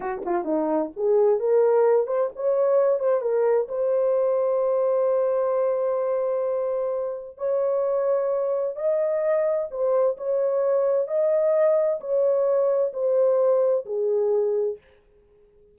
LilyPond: \new Staff \with { instrumentName = "horn" } { \time 4/4 \tempo 4 = 130 fis'8 f'8 dis'4 gis'4 ais'4~ | ais'8 c''8 cis''4. c''8 ais'4 | c''1~ | c''1 |
cis''2. dis''4~ | dis''4 c''4 cis''2 | dis''2 cis''2 | c''2 gis'2 | }